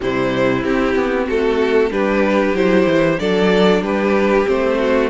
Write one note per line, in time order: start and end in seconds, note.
0.00 0.63 C3
0.00 0.63 G3
0.00 1.26 E4
0.00 0.63 C5
0.63 0.95 C4
0.63 1.91 C4
0.63 1.26 G4
0.95 1.27 B3
1.26 1.90 A3
1.26 1.89 F#4
1.26 1.92 A4
1.90 2.53 G3
1.90 2.55 D4
1.90 3.18 G4
1.90 2.56 B4
2.53 2.85 F#3
2.53 3.18 E4
2.53 3.19 C5
2.86 3.18 E3
3.18 3.81 F#3
3.18 4.45 D4
3.18 3.82 A4
3.18 3.82 D5
3.81 4.45 G3
3.81 4.77 G4
3.81 4.47 B4
4.45 5.09 A3
4.45 5.09 C4
4.45 5.09 C5
4.79 5.09 F#4